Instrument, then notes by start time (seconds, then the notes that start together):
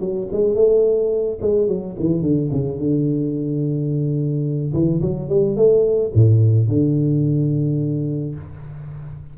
tuba
0.00 F#3
0.32 G#3
0.55 A3
1.41 G#3
1.68 F#3
1.99 E3
2.22 D3
2.52 C#3
2.79 D3
4.73 E3
5.02 F#3
5.29 G3
5.56 A3
6.14 A2
6.68 D3